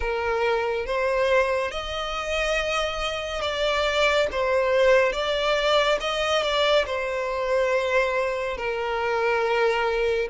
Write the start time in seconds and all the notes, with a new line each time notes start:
0.00 A#4
0.86 C5
1.71 D#5
3.41 D5
4.31 C5
5.12 D5
6.00 D#5
6.42 D5
6.86 C5
8.57 A#4